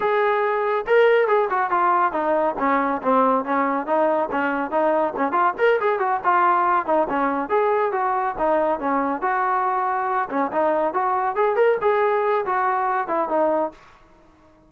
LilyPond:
\new Staff \with { instrumentName = "trombone" } { \time 4/4 \tempo 4 = 140 gis'2 ais'4 gis'8 fis'8 | f'4 dis'4 cis'4 c'4 | cis'4 dis'4 cis'4 dis'4 | cis'8 f'8 ais'8 gis'8 fis'8 f'4. |
dis'8 cis'4 gis'4 fis'4 dis'8~ | dis'8 cis'4 fis'2~ fis'8 | cis'8 dis'4 fis'4 gis'8 ais'8 gis'8~ | gis'4 fis'4. e'8 dis'4 | }